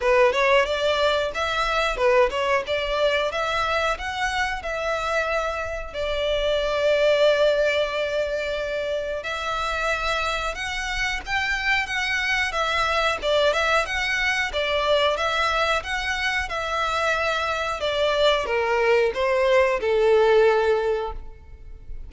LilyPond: \new Staff \with { instrumentName = "violin" } { \time 4/4 \tempo 4 = 91 b'8 cis''8 d''4 e''4 b'8 cis''8 | d''4 e''4 fis''4 e''4~ | e''4 d''2.~ | d''2 e''2 |
fis''4 g''4 fis''4 e''4 | d''8 e''8 fis''4 d''4 e''4 | fis''4 e''2 d''4 | ais'4 c''4 a'2 | }